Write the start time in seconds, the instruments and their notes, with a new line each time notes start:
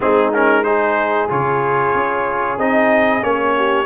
0.00 tuba G#3, trombone C4, horn D#4, trumpet G#4
0.33 trombone C#4, trumpet A#4
0.63 trombone D#4, horn G#4, trumpet C5
1.28 tuba C#3, trombone F4, trumpet C#5
1.93 tuba C#4
2.57 tuba C4, trombone D#4, trumpet D#5
3.21 tuba A#3, trombone C#4, trumpet C#5
3.56 horn G4